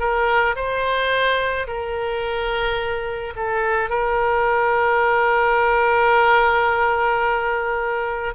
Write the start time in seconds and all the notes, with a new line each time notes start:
0.00 A#4
0.56 C5
1.67 A#4
3.36 A4
3.90 A#4